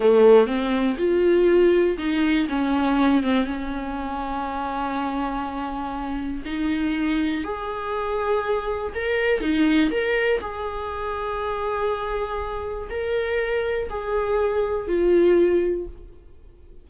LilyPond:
\new Staff \with { instrumentName = "viola" } { \time 4/4 \tempo 4 = 121 a4 c'4 f'2 | dis'4 cis'4. c'8 cis'4~ | cis'1~ | cis'4 dis'2 gis'4~ |
gis'2 ais'4 dis'4 | ais'4 gis'2.~ | gis'2 ais'2 | gis'2 f'2 | }